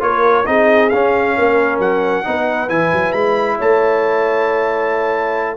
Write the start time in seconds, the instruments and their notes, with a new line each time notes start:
0.00 tuba A#3, trombone F4, horn A#4, trumpet C#5
0.46 tuba C4, trombone D#4, horn G#4, trumpet D#5
0.90 trombone C#4, tuba C#4, trumpet F5
1.36 tuba A#3, horn A#4
1.79 tuba F#3, trumpet F#5
2.24 tuba B3, trombone D#4, horn B4
2.69 tuba E3, trombone E4, trumpet G#5
2.93 tuba F#3
3.13 tuba G#3, trumpet B5
3.58 tuba A3, horn C#5, trumpet A5